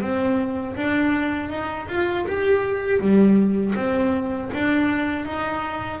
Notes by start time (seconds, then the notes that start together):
0.00 C4
0.75 D4
1.50 D#4
1.88 F4
2.27 G4
2.99 G3
3.75 C4
4.53 D4
5.25 D#4